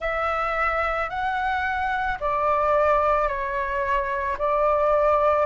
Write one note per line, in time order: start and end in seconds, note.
0.00 1.09 E5
1.09 2.18 F#5
2.20 3.27 D5
3.27 4.36 C#5
4.38 5.45 D5